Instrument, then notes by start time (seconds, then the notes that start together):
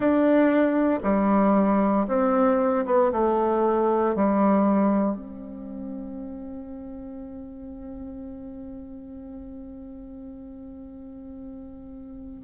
bassoon
0.00 D4
1.03 G3
2.07 C4
2.85 B3
3.11 A3
4.15 G3
5.16 C4